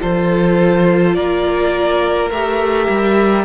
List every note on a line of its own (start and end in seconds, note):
0.00 1.18 F3
0.00 2.31 F4
0.00 1.16 A4
0.00 1.14 C5
1.14 2.31 A#3
1.14 3.45 A#4
1.14 2.30 D5
2.30 2.88 A3
2.30 3.45 G4
2.30 3.45 E5
2.89 3.45 G3